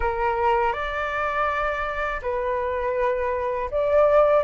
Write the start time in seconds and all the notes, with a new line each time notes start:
0.00 A#4
0.72 D5
2.22 B4
3.70 D5